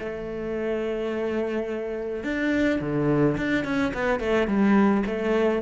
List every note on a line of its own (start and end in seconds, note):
0.00 2.24 A3
2.24 2.80 D4
2.81 3.37 D3
3.38 3.65 D4
3.65 3.93 C#4
3.94 4.20 B3
4.20 4.48 A3
4.48 5.04 G3
5.06 5.63 A3